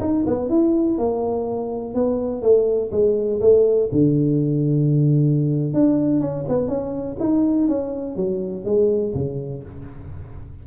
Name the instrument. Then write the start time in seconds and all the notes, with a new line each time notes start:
tuba
0.00 D#4
0.26 B3
0.49 E4
0.98 A#3
1.95 B3
2.42 A3
2.92 G#3
3.41 A3
3.92 D3
5.74 D4
6.20 C#4
6.49 B3
6.68 C#4
7.20 D#4
7.68 C#4
8.16 F#3
8.65 G#3
9.15 C#3